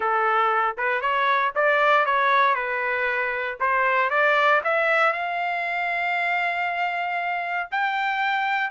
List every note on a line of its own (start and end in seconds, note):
0.00 0.76 A4
0.77 1.01 B4
1.01 1.52 C#5
1.55 2.05 D5
2.05 2.55 C#5
2.55 3.57 B4
3.60 4.10 C5
4.10 4.61 D5
4.63 5.12 E5
5.12 7.69 F5
7.71 8.70 G5